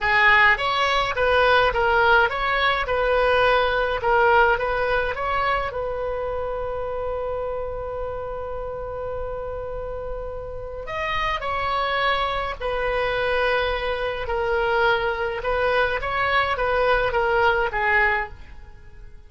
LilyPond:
\new Staff \with { instrumentName = "oboe" } { \time 4/4 \tempo 4 = 105 gis'4 cis''4 b'4 ais'4 | cis''4 b'2 ais'4 | b'4 cis''4 b'2~ | b'1~ |
b'2. dis''4 | cis''2 b'2~ | b'4 ais'2 b'4 | cis''4 b'4 ais'4 gis'4 | }